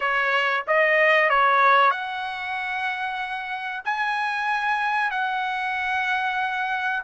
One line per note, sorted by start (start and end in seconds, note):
0.00 0.64 C#5
0.67 1.29 D#5
1.29 1.90 C#5
1.90 3.82 F#5
3.84 5.10 G#5
5.10 7.02 F#5